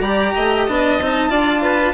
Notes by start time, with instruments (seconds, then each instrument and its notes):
0.00 bassoon G3, cello G4, violin D5 A#5
0.35 bassoon A3, violin D#5
0.66 bassoon B3, cello D4, violin A5
1.00 bassoon C4, cello D#4
1.30 bassoon D4, cello F4, violin D5
1.62 violin B4